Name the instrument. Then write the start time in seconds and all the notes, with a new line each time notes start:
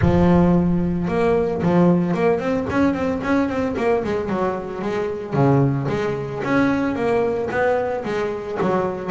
double bass
0.01 F3
1.08 A#3
1.62 F3
2.14 A#3
2.39 C4
2.69 C#4
2.94 C4
3.23 C#4
3.48 C4
3.76 A#3
4.04 G#3
4.29 F#3
4.81 G#3
5.33 C#3
5.88 G#3
6.44 C#4
6.95 A#3
7.50 B3
8.04 G#3
8.61 F#3